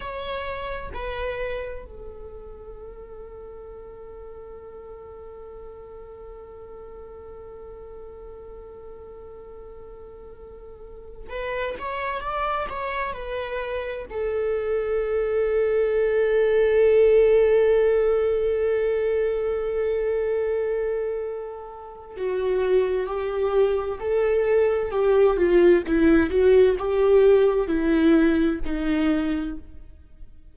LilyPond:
\new Staff \with { instrumentName = "viola" } { \time 4/4 \tempo 4 = 65 cis''4 b'4 a'2~ | a'1~ | a'1~ | a'16 b'8 cis''8 d''8 cis''8 b'4 a'8.~ |
a'1~ | a'1 | fis'4 g'4 a'4 g'8 f'8 | e'8 fis'8 g'4 e'4 dis'4 | }